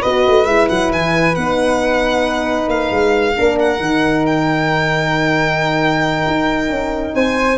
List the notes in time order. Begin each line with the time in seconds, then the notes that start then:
0.00 B3 F#4 B4 D#5
0.27 A3
0.44 G#3 E4 E5
0.69 F#3 F#5
0.91 E3 G#5
1.35 B3 D#4 F#5
2.68 A#3 F5
2.91 G#3
3.36 A#3 D4 A#4
3.59 F#5
3.77 D#3 D#4
4.26 G5
6.26 D#4
6.69 C#4
7.14 C4 C5 G#5